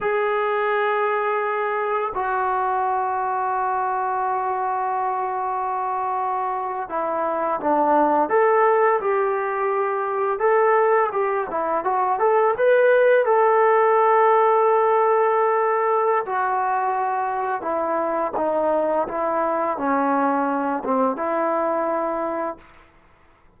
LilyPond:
\new Staff \with { instrumentName = "trombone" } { \time 4/4 \tempo 4 = 85 gis'2. fis'4~ | fis'1~ | fis'4.~ fis'16 e'4 d'4 a'16~ | a'8. g'2 a'4 g'16~ |
g'16 e'8 fis'8 a'8 b'4 a'4~ a'16~ | a'2. fis'4~ | fis'4 e'4 dis'4 e'4 | cis'4. c'8 e'2 | }